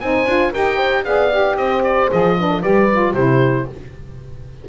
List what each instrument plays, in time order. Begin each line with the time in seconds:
0.00 double bass C4, saxophone D#4, horn C5, oboe G#5
0.25 double bass D4, saxophone F4
0.52 double bass D#4, saxophone G4, horn A#4, oboe G5
0.76 horn C5
1.04 double bass B3, saxophone G#4, horn D5, oboe F5
1.30 saxophone G4
1.56 double bass C4, horn C5, oboe D#5
1.83 oboe D5
2.10 double bass F3, saxophone G#4, oboe D#5
2.37 saxophone D4, horn B4
2.50 horn A4
2.61 double bass G3, saxophone G4, horn B4, oboe D5
2.91 saxophone F4
3.13 double bass C3, saxophone E4, horn G4, oboe C5